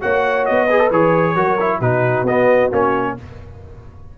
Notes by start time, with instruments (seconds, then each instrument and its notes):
0.00 tuba A#3, trombone F#4, horn C#5, trumpet F#5
0.45 tuba B3, trumpet D#5
0.66 trombone G#4, horn B4
0.79 trombone A4
0.91 tuba E3, trombone G#4, trumpet C#5
1.35 tuba F#3, trombone F#4, horn A#4
1.60 trombone E4
1.78 tuba B2, trombone D#4, horn F#4, trumpet B4
2.23 tuba B3, trombone B3, trumpet D#5
2.71 tuba A#3, trombone C#4, trumpet C#5